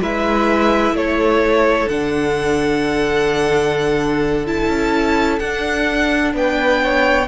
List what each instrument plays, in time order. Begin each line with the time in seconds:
0.00 cello G#3, viola E4, violin B4 E5
0.92 cello A3, violin A4 C#5
1.88 cello D3, viola D4, violin F#5
4.46 viola E4, violin A5
4.68 cello C#4
5.39 cello D4, viola D4, violin F#5
6.33 cello B3, violin B4 G5
6.83 violin C#5